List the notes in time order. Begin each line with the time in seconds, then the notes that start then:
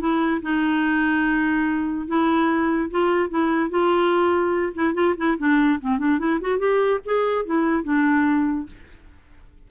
0.00 E4
0.42 D#4
2.07 E4
2.91 F4
3.30 E4
3.70 F4
4.75 E4
4.94 F4
5.17 E4
5.38 D4
5.81 C4
5.99 D4
6.19 E4
6.41 F#4
6.59 G4
7.05 G#4
7.46 E4
7.84 D4